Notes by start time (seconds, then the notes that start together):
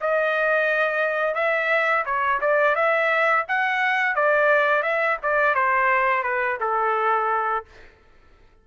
0.00 D#5
1.34 E5
2.05 C#5
2.40 D5
2.75 E5
3.48 F#5
4.15 D5
4.82 E5
5.22 D5
5.54 C5
6.23 B4
6.60 A4